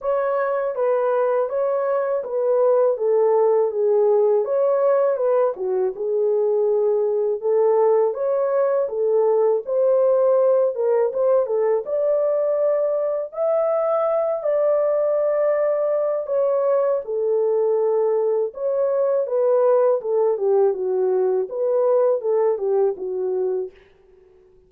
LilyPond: \new Staff \with { instrumentName = "horn" } { \time 4/4 \tempo 4 = 81 cis''4 b'4 cis''4 b'4 | a'4 gis'4 cis''4 b'8 fis'8 | gis'2 a'4 cis''4 | a'4 c''4. ais'8 c''8 a'8 |
d''2 e''4. d''8~ | d''2 cis''4 a'4~ | a'4 cis''4 b'4 a'8 g'8 | fis'4 b'4 a'8 g'8 fis'4 | }